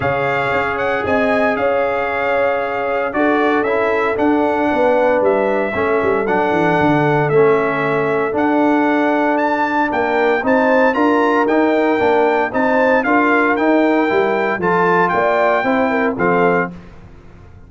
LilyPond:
<<
  \new Staff \with { instrumentName = "trumpet" } { \time 4/4 \tempo 4 = 115 f''4. fis''8 gis''4 f''4~ | f''2 d''4 e''4 | fis''2 e''2 | fis''2 e''2 |
fis''2 a''4 g''4 | a''4 ais''4 g''2 | a''4 f''4 g''2 | a''4 g''2 f''4 | }
  \new Staff \with { instrumentName = "horn" } { \time 4/4 cis''2 dis''4 cis''4~ | cis''2 a'2~ | a'4 b'2 a'4~ | a'1~ |
a'2. ais'4 | c''4 ais'2. | c''4 ais'2. | a'4 d''4 c''8 ais'8 a'4 | }
  \new Staff \with { instrumentName = "trombone" } { \time 4/4 gis'1~ | gis'2 fis'4 e'4 | d'2. cis'4 | d'2 cis'2 |
d'1 | dis'4 f'4 dis'4 d'4 | dis'4 f'4 dis'4 e'4 | f'2 e'4 c'4 | }
  \new Staff \with { instrumentName = "tuba" } { \time 4/4 cis4 cis'4 c'4 cis'4~ | cis'2 d'4 cis'4 | d'4 b4 g4 a8 g8 | fis8 e8 d4 a2 |
d'2. ais4 | c'4 d'4 dis'4 ais4 | c'4 d'4 dis'4 g4 | f4 ais4 c'4 f4 | }
>>